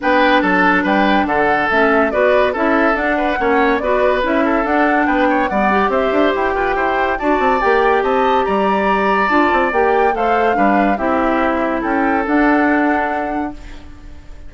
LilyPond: <<
  \new Staff \with { instrumentName = "flute" } { \time 4/4 \tempo 4 = 142 g''4 a''4 g''4 fis''4 | e''4 d''4 e''4 fis''4~ | fis''4 d''4 e''4 fis''4 | g''4 fis''4 e''4 g''4~ |
g''4 a''4 g''4 a''4 | ais''2 a''4 g''4 | f''2 e''2 | g''4 fis''2. | }
  \new Staff \with { instrumentName = "oboe" } { \time 4/4 b'4 a'4 b'4 a'4~ | a'4 b'4 a'4. b'8 | cis''4 b'4. a'4. | b'8 cis''8 d''4 c''4. b'8 |
c''4 d''2 dis''4 | d''1 | c''4 b'4 g'2 | a'1 | }
  \new Staff \with { instrumentName = "clarinet" } { \time 4/4 d'1 | cis'4 fis'4 e'4 d'4 | cis'4 fis'4 e'4 d'4~ | d'4 b8 g'2~ g'8~ |
g'4 fis'4 g'2~ | g'2 f'4 g'4 | a'4 d'4 e'2~ | e'4 d'2. | }
  \new Staff \with { instrumentName = "bassoon" } { \time 4/4 b4 fis4 g4 d4 | a4 b4 cis'4 d'4 | ais4 b4 cis'4 d'4 | b4 g4 c'8 d'8 e'8 f'8 |
e'4 d'8 c'8 ais4 c'4 | g2 d'8 c'8 ais4 | a4 g4 c'2 | cis'4 d'2. | }
>>